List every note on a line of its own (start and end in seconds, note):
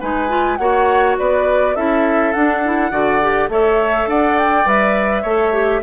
0.00 0.59 G#3
0.00 0.29 D#4
0.00 0.58 B4
0.00 0.57 G#5
0.29 0.58 F4
0.57 1.17 A#3
0.57 1.76 F#4
0.57 1.18 C#5
0.57 1.15 F#5
1.18 1.76 B3
1.18 1.76 B4
1.18 1.76 D5
1.76 2.34 C#4
1.76 2.34 E4
1.76 2.91 A4
1.76 2.33 E5
2.33 2.64 D4
2.33 2.92 D4
2.33 3.49 F#5
2.64 2.91 E4
2.91 3.49 D3
2.91 3.20 F#4
2.91 3.50 D5
3.21 3.50 G4
3.49 4.07 A3
3.49 4.65 A4
3.49 4.09 C#5
3.49 4.09 E5
4.07 4.65 D4
4.07 5.22 D5
4.07 4.38 F#5
4.39 4.68 G5
4.65 5.24 G3
4.65 5.24 B4
4.65 5.82 E5
5.22 5.82 A3
5.22 5.53 A4
5.22 5.80 C#5
5.53 5.82 G4